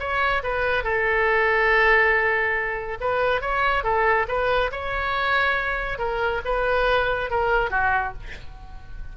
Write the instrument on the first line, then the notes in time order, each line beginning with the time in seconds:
oboe
0.00 C#5
0.44 B4
0.84 A4
3.01 B4
3.42 C#5
3.84 A4
4.28 B4
4.72 C#5
5.99 A#4
6.45 B4
7.31 A#4
7.71 F#4